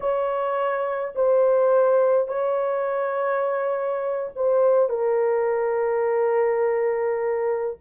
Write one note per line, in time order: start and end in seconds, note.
0.00 1.14 C#5
1.15 2.28 C5
2.28 4.30 C#5
4.35 4.89 C5
4.89 7.77 A#4